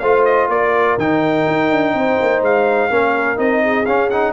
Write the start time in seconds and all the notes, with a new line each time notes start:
0.00 A3 F4 C5 F5
0.25 D#5
0.49 A#3 A#4 D5
0.98 D#3 D#4 G5
1.48 D#4
1.71 D4
1.94 C4 C5
2.21 A#3
2.42 G#3 F5
2.90 A#3 C#4 A#4
3.37 C4 D#4 D#5
3.64 G#4
3.86 C#4 F5
4.10 D#4 F#5